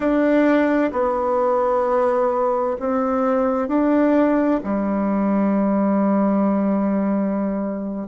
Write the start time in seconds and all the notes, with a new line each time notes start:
0.00 D4
0.92 B3
2.79 C4
3.68 D4
4.63 G3